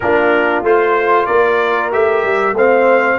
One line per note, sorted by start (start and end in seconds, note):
0.00 0.62 A#3
0.00 0.64 D4
0.00 1.26 F4
0.00 0.63 A#4
0.62 1.26 A3
0.62 1.91 F4
0.62 1.26 C5
1.26 1.93 A#3
1.26 2.54 A#4
1.26 1.90 D5
1.91 2.23 A3
1.91 2.55 G4
1.91 2.56 E5
2.23 2.52 G3
2.52 3.16 A3
2.52 3.19 C4
2.52 3.19 C5
2.52 3.19 F5